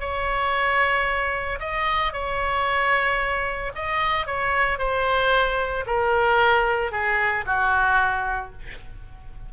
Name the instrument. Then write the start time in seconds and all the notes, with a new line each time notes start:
oboe
0.00 C#5
1.60 D#5
2.13 C#5
3.75 D#5
4.26 C#5
4.78 C5
5.86 A#4
6.92 G#4
7.46 F#4